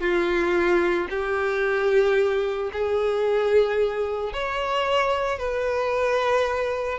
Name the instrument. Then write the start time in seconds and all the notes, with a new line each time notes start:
violin
0.00 F4
1.09 G4
2.72 G#4
4.32 C#5
5.38 B4